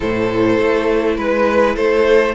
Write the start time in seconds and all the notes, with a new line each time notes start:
0.00 A2 E4 A4 C5
0.58 A3
1.16 G#3 B4
1.76 A3 A4 C5